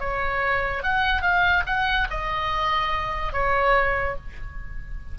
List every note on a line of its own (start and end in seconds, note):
0.00 0.83 C#5
0.84 1.22 F#5
1.22 1.64 F5
1.67 2.08 F#5
2.11 3.33 D#5
3.33 4.16 C#5